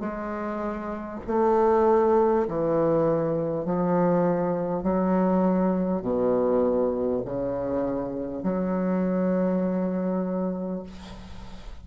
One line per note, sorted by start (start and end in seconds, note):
0.00 1.20 G#3
1.27 2.47 A3
2.48 3.65 E3
3.65 4.83 F3
4.83 6.02 F#3
6.02 7.22 B2
7.25 8.43 C#3
8.43 10.83 F#3